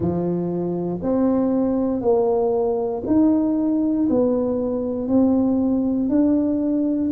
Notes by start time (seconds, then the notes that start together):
0.00 F3
1.02 C4
2.01 A#3
3.06 D#4
4.09 B3
5.08 C4
6.09 D4